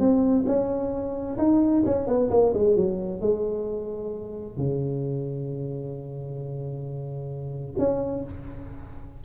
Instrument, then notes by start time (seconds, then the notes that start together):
tuba
0.00 C4
0.47 C#4
1.38 D#4
1.86 C#4
2.08 B3
2.31 A#3
2.54 G#3
2.77 F#3
3.21 G#3
4.58 C#3
7.79 C#4